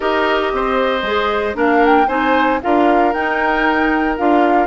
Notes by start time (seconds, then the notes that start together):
0.00 D#4 G4 A#4 D#5
0.52 C4 C5
1.02 G#3 G#4
1.54 A#3 D4 A#4
1.60 F5
1.85 G5
2.07 C4 D#4 C5 G#5
2.61 D4 F4 A#4 F5
3.13 D#4 G5
4.17 D4 F4 F5